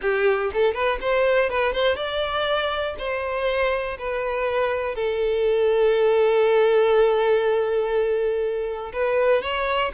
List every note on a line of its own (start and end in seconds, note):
0.01 0.51 G4
0.53 0.74 A4
0.74 0.98 B4
1.01 1.49 C5
1.49 1.72 B4
1.72 1.96 C5
1.96 2.95 D5
2.98 3.97 C5
3.98 4.95 B4
4.95 8.91 A4
8.92 9.41 B4
9.41 9.91 C#5